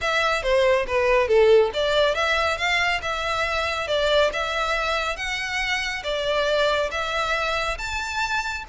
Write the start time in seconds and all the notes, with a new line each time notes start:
0.01 E5
0.42 C5
0.87 B4
1.27 A4
1.73 D5
2.14 E5
2.57 F5
3.02 E5
3.87 D5
4.32 E5
5.16 F#5
6.03 D5
6.91 E5
7.78 A5